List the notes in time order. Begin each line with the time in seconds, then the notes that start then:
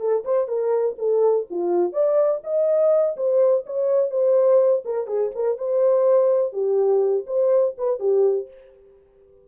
0.00 A4
0.25 C5
0.48 A#4
0.99 A4
1.50 F4
1.93 D5
2.44 D#5
3.17 C5
3.66 C#5
4.11 C5
4.85 A#4
5.07 G#4
5.35 A#4
5.58 C5
6.53 G4
7.27 C5
7.78 B4
8.00 G4